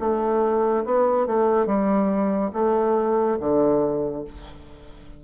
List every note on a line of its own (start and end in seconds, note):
0.00 0.85 A3
0.85 1.27 B3
1.27 1.66 A3
1.66 2.51 G3
2.53 3.38 A3
3.40 4.24 D3